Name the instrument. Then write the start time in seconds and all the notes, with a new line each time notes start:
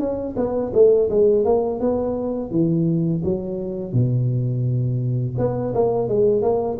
tuba
0.00 C#4
0.37 B3
0.74 A3
1.10 G#3
1.45 A#3
1.80 B3
2.51 E3
3.24 F#3
3.93 B2
5.38 B3
5.75 A#3
6.09 G#3
6.42 A#3